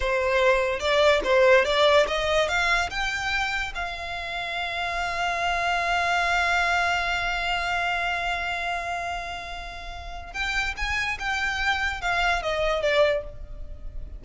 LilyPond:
\new Staff \with { instrumentName = "violin" } { \time 4/4 \tempo 4 = 145 c''2 d''4 c''4 | d''4 dis''4 f''4 g''4~ | g''4 f''2.~ | f''1~ |
f''1~ | f''1~ | f''4 g''4 gis''4 g''4~ | g''4 f''4 dis''4 d''4 | }